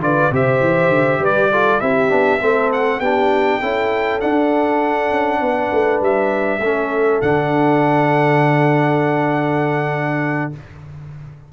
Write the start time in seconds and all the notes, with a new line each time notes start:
0.00 D3 F4 B4 D5
0.31 C3 G4 C5 E5
0.60 E3
0.89 D3
1.19 G3 B4
1.25 D5
1.51 F4 A4
1.81 C4 E4 G4 E5
2.09 B3 D4
2.41 A3 C4 A4
2.73 F#5
3.00 B3 D4 G4 G5
3.60 C#4 E4 A4
4.21 D4 F#5
5.11 C#4
5.41 B3 B4
5.73 A3
6.02 G3 E5
6.60 A3 C#4 A4
7.22 D3 D4 F#5